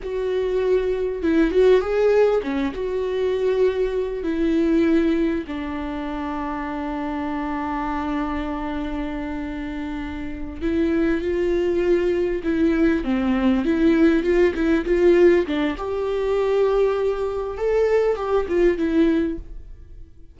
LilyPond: \new Staff \with { instrumentName = "viola" } { \time 4/4 \tempo 4 = 99 fis'2 e'8 fis'8 gis'4 | cis'8 fis'2~ fis'8 e'4~ | e'4 d'2.~ | d'1~ |
d'4. e'4 f'4.~ | f'8 e'4 c'4 e'4 f'8 | e'8 f'4 d'8 g'2~ | g'4 a'4 g'8 f'8 e'4 | }